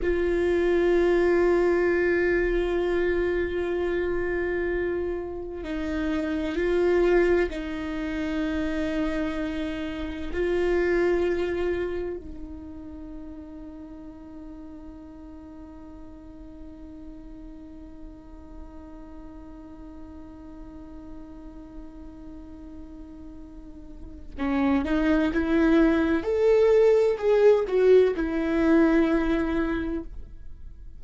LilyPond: \new Staff \with { instrumentName = "viola" } { \time 4/4 \tempo 4 = 64 f'1~ | f'2 dis'4 f'4 | dis'2. f'4~ | f'4 dis'2.~ |
dis'1~ | dis'1~ | dis'2 cis'8 dis'8 e'4 | a'4 gis'8 fis'8 e'2 | }